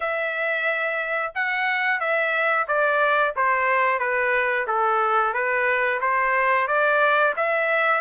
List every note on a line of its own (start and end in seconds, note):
0.00 1.32 E5
1.34 1.99 F#5
1.99 2.66 E5
2.67 3.34 D5
3.35 3.99 C5
3.99 4.65 B4
4.67 5.33 A4
5.33 6.00 B4
6.00 6.67 C5
6.67 7.34 D5
7.36 8.01 E5